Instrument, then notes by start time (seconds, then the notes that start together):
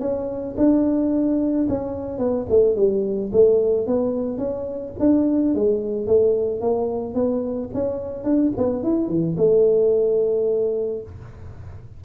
tuba
0.00 C#4
0.57 D4
1.69 C#4
2.18 B3
2.50 A3
2.76 G3
3.33 A3
3.87 B3
4.38 C#4
5.00 D4
5.55 G#3
6.07 A3
6.61 A#3
7.14 B3
7.74 C#4
8.24 D4
8.57 B3
8.83 E4
9.09 E3
9.37 A3